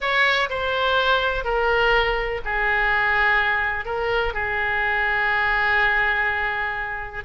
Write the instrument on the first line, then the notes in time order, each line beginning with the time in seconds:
oboe
0.00 C#5
0.49 C5
1.44 A#4
2.44 G#4
3.85 A#4
4.33 G#4